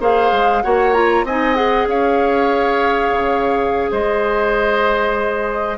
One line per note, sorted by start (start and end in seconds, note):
0.00 0.31 A#3
0.00 0.64 G#4
0.00 0.63 C5
0.00 0.62 F5
0.32 0.63 G#3
0.62 1.24 A#3
0.62 0.94 F#4
0.62 1.26 C#5
0.62 0.94 F#5
0.94 1.26 F4
0.94 1.25 A#5
1.24 1.87 C4
1.24 1.55 D#4
1.24 1.88 D#5
1.24 1.55 G#5
1.55 5.77 G#4
1.55 1.87 F#5
1.87 3.12 C#4
1.87 3.92 C#5
1.87 3.93 F5
3.12 3.91 C#3
3.92 5.78 G#3
3.92 5.78 C5
3.92 5.78 D#5